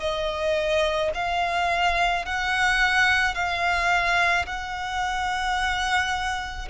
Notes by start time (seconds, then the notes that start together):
0.00 D#5
1.14 F5
2.25 F#5
3.35 F5
4.46 F#5